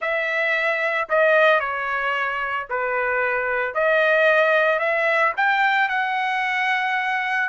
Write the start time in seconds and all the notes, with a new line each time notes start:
0.01 E5
1.09 D#5
1.59 C#5
2.69 B4
3.74 D#5
4.79 E5
5.36 G5
5.89 F#5